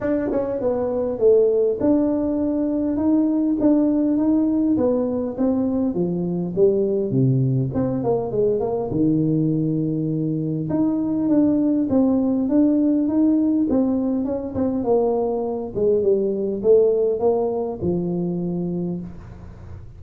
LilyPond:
\new Staff \with { instrumentName = "tuba" } { \time 4/4 \tempo 4 = 101 d'8 cis'8 b4 a4 d'4~ | d'4 dis'4 d'4 dis'4 | b4 c'4 f4 g4 | c4 c'8 ais8 gis8 ais8 dis4~ |
dis2 dis'4 d'4 | c'4 d'4 dis'4 c'4 | cis'8 c'8 ais4. gis8 g4 | a4 ais4 f2 | }